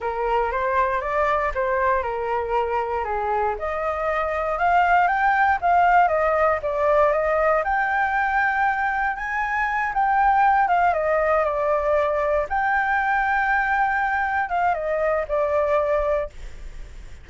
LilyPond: \new Staff \with { instrumentName = "flute" } { \time 4/4 \tempo 4 = 118 ais'4 c''4 d''4 c''4 | ais'2 gis'4 dis''4~ | dis''4 f''4 g''4 f''4 | dis''4 d''4 dis''4 g''4~ |
g''2 gis''4. g''8~ | g''4 f''8 dis''4 d''4.~ | d''8 g''2.~ g''8~ | g''8 f''8 dis''4 d''2 | }